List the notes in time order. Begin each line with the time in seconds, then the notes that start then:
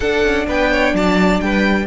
0.00 D4 A4 F#5
0.23 C#4
0.47 B3 B4 G5
0.71 C#5
0.93 F#3 D5 A5
1.40 G3 B4 G5